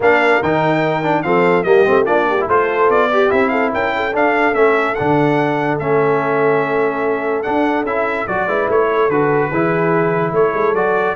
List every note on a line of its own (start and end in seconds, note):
0.00 0.40 A#3
0.00 0.42 D4
0.00 1.24 A#4
0.00 0.42 F5
0.42 1.24 D#3
0.42 1.03 D#4
0.42 1.22 G5
1.03 1.24 D4
1.22 1.64 F3
1.22 1.64 C4
1.22 1.66 A4
1.22 1.63 F5
1.63 1.85 G3
1.63 1.85 A#3
1.63 2.05 G4
1.63 2.04 D#5
1.85 2.06 A3
1.85 2.05 C4
2.05 2.47 A#3
2.05 2.36 D4
2.05 2.26 F4
2.05 2.46 D5
2.29 2.47 G4
2.40 2.49 E4
2.47 2.89 A3
2.47 3.11 F4
2.47 3.09 A4
2.47 2.90 C5
2.89 3.30 B3
2.89 3.31 D5
3.12 3.29 G4
3.12 3.51 G4
3.29 3.73 C4
3.29 4.12 E4
3.29 3.48 E5
3.48 3.72 A4
3.48 3.69 F5
3.73 4.14 C#4
3.73 3.93 A#4
3.73 4.15 G5
3.96 8.46 A4
4.13 4.54 D4
4.13 4.53 D4
4.13 4.54 F5
4.53 4.95 A3
4.53 4.95 C#4
4.53 4.94 E5
4.94 5.80 D3
4.94 5.80 D4
4.94 5.77 F#5
5.79 7.45 A3
5.79 7.44 C#4
5.79 7.42 E5
7.42 7.85 D4
7.42 7.84 D4
7.42 7.84 F#5
7.84 8.25 C#4
7.84 8.28 E4
7.84 8.27 E5
8.27 8.47 F#3
8.27 8.48 F#4
8.27 8.68 D5
8.46 8.67 G#3
8.46 9.10 E4
8.46 8.87 B4
8.68 9.08 A3
8.68 9.10 C#5
8.91 9.49 A4
9.08 9.50 D3
9.08 9.52 F#4
9.08 10.34 B4
9.49 10.32 E3
9.49 10.75 E4
9.49 10.32 G#4
10.32 10.52 A3
10.32 11.16 A4
10.32 10.74 C#5
10.53 10.74 G#3
10.74 11.15 F#3
10.74 11.16 F#4
10.74 11.16 D5